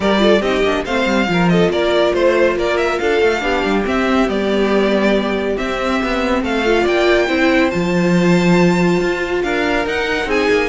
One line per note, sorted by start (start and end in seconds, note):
0.00 0.41 G3
0.00 0.18 G4
0.00 0.21 A#4
0.00 0.41 D5
0.18 0.40 F4
0.18 0.41 A4
0.41 0.62 C4
0.41 0.64 D#4
0.41 0.84 G4
0.41 0.84 D#5
0.63 0.84 A#3
0.63 0.86 D4
0.85 1.06 A3
0.85 1.27 C4
0.85 1.28 C5
0.85 1.48 F5
1.06 1.27 G3
1.27 1.69 F3
1.27 3.39 F4
1.27 1.52 A#4
1.48 1.72 A4
1.48 1.70 D#5
1.69 2.12 A#3
1.69 2.14 A#4
1.69 2.13 D5
2.13 2.56 A3
2.13 2.56 C5
2.13 2.57 C5
2.56 2.98 A#3
2.56 3.00 A#4
2.56 2.77 D5
2.77 2.98 E5
2.98 3.21 D4
2.98 3.43 A4
2.98 3.84 F5
3.21 3.42 A3
3.39 3.63 B3
3.39 3.82 D4
3.39 6.42 G4
3.64 3.86 G3
3.84 4.27 C4
3.84 4.28 C4
3.84 4.29 E5
4.27 5.56 G3
4.27 5.56 B3
4.27 5.57 D5
5.56 6.63 C4
5.56 6.02 C4
5.56 6.43 E5
6.03 6.42 B3
6.42 6.85 A3
6.42 6.82 A4
6.42 6.87 F5
6.65 7.28 F4
6.82 7.29 A#3
6.82 7.25 D5
6.82 7.70 G5
7.27 7.72 C4
7.27 7.70 E4
7.27 9.41 C5
7.70 9.00 F3
7.70 9.84 F4
7.70 9.42 A5
9.00 9.43 F4
9.42 9.85 D4
9.42 10.27 A#4
9.42 9.85 F5
9.85 10.25 D#4
9.85 10.69 D#4
9.85 10.30 F#5
10.25 10.47 C4
10.25 10.69 G#4
10.25 10.69 G#5
10.50 10.69 A#3